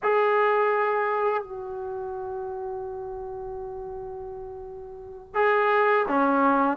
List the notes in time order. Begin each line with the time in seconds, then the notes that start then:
0.02 G#4
1.43 F#4
5.34 G#4
6.08 C#4